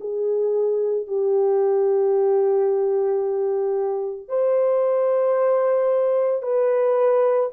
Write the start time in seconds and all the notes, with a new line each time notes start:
0.00 G#4
1.07 G4
4.28 C5
6.42 B4